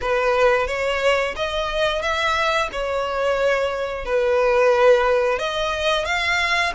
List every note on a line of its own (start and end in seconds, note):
0.01 0.67 B4
0.67 1.34 C#5
1.35 2.01 D#5
2.01 2.69 E5
2.72 4.05 C#5
4.05 5.38 B4
5.38 6.05 D#5
6.05 6.72 F5